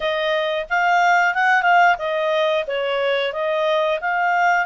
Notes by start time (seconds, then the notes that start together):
0.00 D#5
0.69 F5
1.34 F#5
1.62 F5
1.98 D#5
2.67 C#5
3.32 D#5
4.00 F5